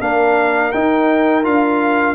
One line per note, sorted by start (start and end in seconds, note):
0.00 0.72 A#3
0.00 0.72 D4
0.00 2.14 A#4
0.00 0.71 F5
0.71 1.45 D#4
0.71 1.43 D#4
0.71 1.44 G5
1.43 2.14 D4
1.43 2.14 F4
1.43 2.14 F5